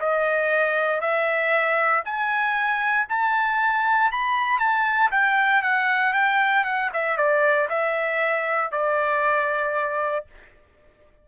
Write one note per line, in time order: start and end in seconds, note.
0.00 1.01 D#5
1.01 2.03 E5
2.05 3.07 G#5
3.09 4.12 A5
4.12 4.59 B5
4.59 5.11 A5
5.11 5.62 G5
5.62 6.14 F#5
6.14 6.65 G5
6.65 6.90 F#5
6.93 7.17 E5
7.17 7.69 D5
7.69 8.72 E5
8.72 10.26 D5